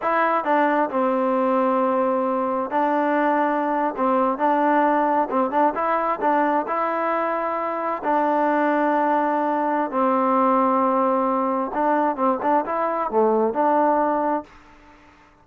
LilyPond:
\new Staff \with { instrumentName = "trombone" } { \time 4/4 \tempo 4 = 133 e'4 d'4 c'2~ | c'2 d'2~ | d'8. c'4 d'2 c'16~ | c'16 d'8 e'4 d'4 e'4~ e'16~ |
e'4.~ e'16 d'2~ d'16~ | d'2 c'2~ | c'2 d'4 c'8 d'8 | e'4 a4 d'2 | }